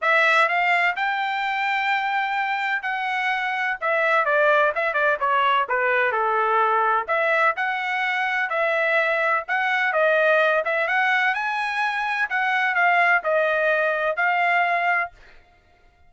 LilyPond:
\new Staff \with { instrumentName = "trumpet" } { \time 4/4 \tempo 4 = 127 e''4 f''4 g''2~ | g''2 fis''2 | e''4 d''4 e''8 d''8 cis''4 | b'4 a'2 e''4 |
fis''2 e''2 | fis''4 dis''4. e''8 fis''4 | gis''2 fis''4 f''4 | dis''2 f''2 | }